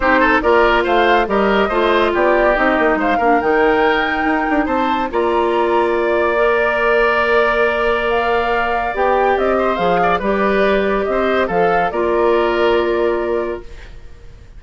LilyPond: <<
  \new Staff \with { instrumentName = "flute" } { \time 4/4 \tempo 4 = 141 c''4 d''4 f''4 dis''4~ | dis''4 d''4 dis''4 f''4 | g''2. a''4 | ais''2 d''2~ |
d''2. f''4~ | f''4 g''4 dis''4 f''4 | d''2 dis''4 f''4 | d''1 | }
  \new Staff \with { instrumentName = "oboe" } { \time 4/4 g'8 a'8 ais'4 c''4 ais'4 | c''4 g'2 c''8 ais'8~ | ais'2. c''4 | d''1~ |
d''1~ | d''2~ d''8 c''4 d''8 | b'2 c''4 a'4 | ais'1 | }
  \new Staff \with { instrumentName = "clarinet" } { \time 4/4 dis'4 f'2 g'4 | f'2 dis'4. d'8 | dis'1 | f'2. ais'4~ |
ais'1~ | ais'4 g'2 gis'4 | g'2. a'4 | f'1 | }
  \new Staff \with { instrumentName = "bassoon" } { \time 4/4 c'4 ais4 a4 g4 | a4 b4 c'8 ais8 gis8 ais8 | dis2 dis'8 d'8 c'4 | ais1~ |
ais1~ | ais4 b4 c'4 f4 | g2 c'4 f4 | ais1 | }
>>